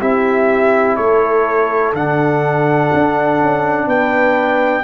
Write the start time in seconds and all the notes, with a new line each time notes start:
0.00 C4 E4 G4 E5
0.96 A3 A4 C#5
1.93 D3 D4 F#5
2.93 D4
3.41 C#4
3.87 B3 B4 G5